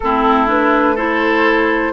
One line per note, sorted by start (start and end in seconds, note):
0.00 1.93 A3
0.00 0.47 C4
0.00 0.95 E4
0.00 0.48 A4
0.47 0.95 D4
0.47 0.97 B4
0.95 1.93 E4
0.95 1.92 A4
0.95 1.93 C5